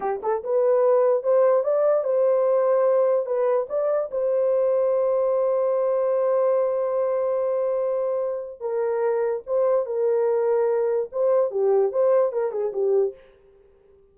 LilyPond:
\new Staff \with { instrumentName = "horn" } { \time 4/4 \tempo 4 = 146 g'8 a'8 b'2 c''4 | d''4 c''2. | b'4 d''4 c''2~ | c''1~ |
c''1~ | c''4 ais'2 c''4 | ais'2. c''4 | g'4 c''4 ais'8 gis'8 g'4 | }